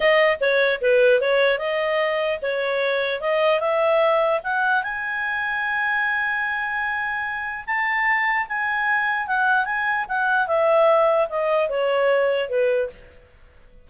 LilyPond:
\new Staff \with { instrumentName = "clarinet" } { \time 4/4 \tempo 4 = 149 dis''4 cis''4 b'4 cis''4 | dis''2 cis''2 | dis''4 e''2 fis''4 | gis''1~ |
gis''2. a''4~ | a''4 gis''2 fis''4 | gis''4 fis''4 e''2 | dis''4 cis''2 b'4 | }